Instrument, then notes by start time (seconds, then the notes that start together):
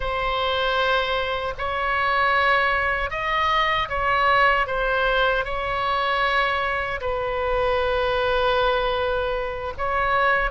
oboe
0.00 C5
1.58 C#5
3.10 D#5
3.89 C#5
4.66 C5
5.44 C#5
7.01 B4
9.77 C#5